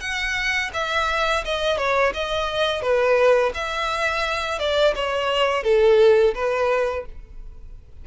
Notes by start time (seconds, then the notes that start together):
0.00 F#5
0.73 E5
1.44 D#5
1.77 C#5
2.14 D#5
2.82 B4
3.54 E5
4.59 D5
4.95 C#5
5.63 A4
6.35 B4